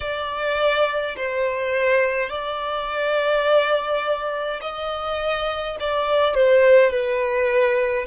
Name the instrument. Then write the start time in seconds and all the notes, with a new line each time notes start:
violin
0.00 D5
1.16 C5
2.29 D5
4.61 D#5
5.80 D5
6.34 C5
6.90 B4